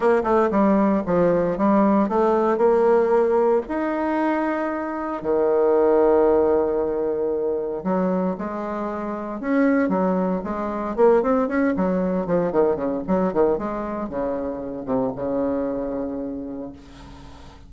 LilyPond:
\new Staff \with { instrumentName = "bassoon" } { \time 4/4 \tempo 4 = 115 ais8 a8 g4 f4 g4 | a4 ais2 dis'4~ | dis'2 dis2~ | dis2. fis4 |
gis2 cis'4 fis4 | gis4 ais8 c'8 cis'8 fis4 f8 | dis8 cis8 fis8 dis8 gis4 cis4~ | cis8 c8 cis2. | }